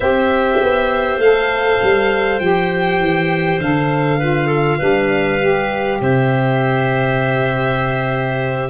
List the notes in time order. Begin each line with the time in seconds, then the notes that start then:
0.00 C4 G4 C5 E5
0.61 B3
1.18 A3 A4 F5
1.82 G3
2.39 F3 G4 G5
2.99 E3
3.60 D3 A4 F5
4.18 F4 B4
4.46 A4
4.78 G3 D4 B4
5.40 G4
6.00 C3 C5 E5